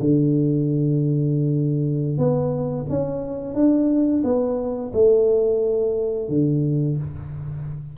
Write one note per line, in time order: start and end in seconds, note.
0.00 2.18 D3
2.18 2.86 B3
2.90 3.55 C#4
3.55 4.23 D4
4.24 4.92 B3
4.94 6.29 A3
6.29 6.97 D3